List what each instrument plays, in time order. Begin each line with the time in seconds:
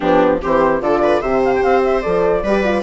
0.00 bassoon F3, horn B3, viola D4, flute G4
0.41 bassoon E3, horn C4, viola G4, flute C5
0.80 bassoon D3, horn F4, viola A4, flute D5
1.02 viola B4
1.21 bassoon C3, horn G4, viola C5, flute E5
1.44 flute F5
1.55 flute G5
1.62 bassoon C4, flute F5
1.84 flute E5
2.01 bassoon F3, horn A4, flute D5
2.43 bassoon G3, horn G4, viola B4
2.64 horn F4